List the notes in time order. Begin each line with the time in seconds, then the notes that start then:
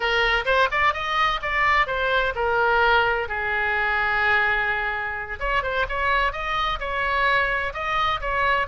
0.00 A#4
0.45 C5
0.71 D5
0.93 D#5
1.42 D5
1.86 C5
2.35 A#4
3.28 G#4
5.39 C#5
5.62 C5
5.88 C#5
6.32 D#5
6.79 C#5
7.73 D#5
8.21 C#5